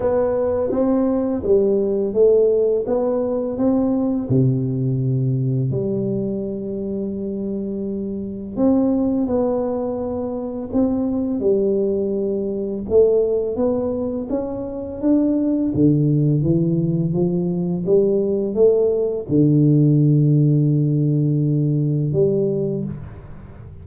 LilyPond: \new Staff \with { instrumentName = "tuba" } { \time 4/4 \tempo 4 = 84 b4 c'4 g4 a4 | b4 c'4 c2 | g1 | c'4 b2 c'4 |
g2 a4 b4 | cis'4 d'4 d4 e4 | f4 g4 a4 d4~ | d2. g4 | }